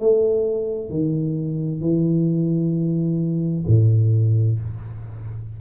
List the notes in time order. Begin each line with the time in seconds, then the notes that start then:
0.00 A3
0.90 D#3
1.81 E3
3.67 A2